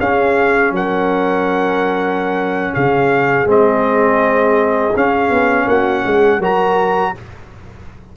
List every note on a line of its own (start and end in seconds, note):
0.00 0.72 C#4
0.00 3.47 C#4
0.00 0.74 G#4
0.00 0.73 F5
0.72 2.73 F#3
0.72 2.74 A#4
0.72 2.75 F#5
2.74 3.46 C#3
2.74 5.67 G#4
2.74 3.48 F5
3.46 4.92 G#3
3.46 4.93 C4
3.46 4.97 D#5
4.96 5.30 C#4
4.96 6.42 C#4
4.96 5.69 F5
5.30 5.67 B3
5.67 6.04 A#3
5.67 6.05 F#4
5.67 6.42 F#5
6.05 6.39 G#3
6.05 6.40 G#4
6.39 7.12 F#3
6.39 7.15 F#4
6.39 7.13 A#4
6.39 7.17 A#5